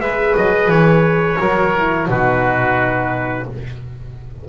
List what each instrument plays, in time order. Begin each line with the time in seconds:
0.00 double bass G#3, horn G#4, oboe B4, trumpet E5
0.37 double bass F#3, trumpet D#5
0.69 double bass E3, trumpet C#5
1.38 double bass F#3, horn F#4, oboe A#4
1.78 horn E4
2.09 double bass B2, horn D#4, oboe F#4, trumpet B4